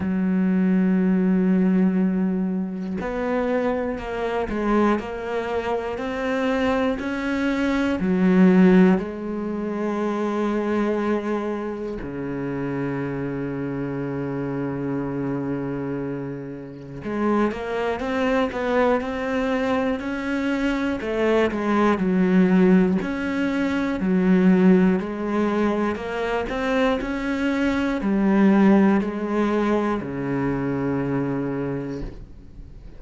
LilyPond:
\new Staff \with { instrumentName = "cello" } { \time 4/4 \tempo 4 = 60 fis2. b4 | ais8 gis8 ais4 c'4 cis'4 | fis4 gis2. | cis1~ |
cis4 gis8 ais8 c'8 b8 c'4 | cis'4 a8 gis8 fis4 cis'4 | fis4 gis4 ais8 c'8 cis'4 | g4 gis4 cis2 | }